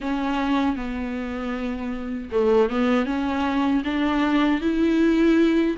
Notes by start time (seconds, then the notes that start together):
0.00 C#4
0.76 B3
2.31 A3
2.69 B3
3.05 C#4
3.84 D4
4.61 E4